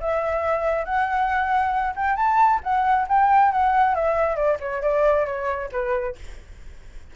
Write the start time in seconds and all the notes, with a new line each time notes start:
0.00 E5
0.85 F#5
1.95 G5
2.16 A5
2.63 F#5
3.08 G5
3.51 F#5
3.95 E5
4.35 D5
4.59 C#5
4.82 D5
5.26 C#5
5.72 B4